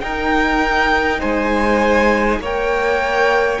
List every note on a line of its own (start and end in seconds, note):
0.00 1.21 D#4
0.00 2.42 D#4
0.00 1.19 A#4
0.00 1.20 G5
1.19 2.38 G#3
1.19 2.39 C5
1.19 2.41 G#5
2.38 3.58 A#3
2.38 3.60 A#4
2.38 3.60 C#5
2.44 3.60 G5